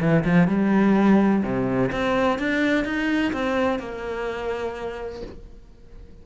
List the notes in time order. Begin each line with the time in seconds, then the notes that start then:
0.00 E3
0.24 F3
0.47 G3
1.43 C3
1.91 C4
2.39 D4
2.85 D#4
3.32 C4
3.79 A#3